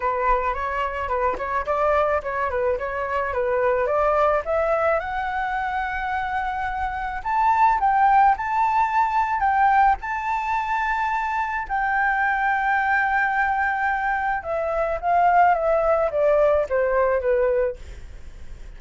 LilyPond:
\new Staff \with { instrumentName = "flute" } { \time 4/4 \tempo 4 = 108 b'4 cis''4 b'8 cis''8 d''4 | cis''8 b'8 cis''4 b'4 d''4 | e''4 fis''2.~ | fis''4 a''4 g''4 a''4~ |
a''4 g''4 a''2~ | a''4 g''2.~ | g''2 e''4 f''4 | e''4 d''4 c''4 b'4 | }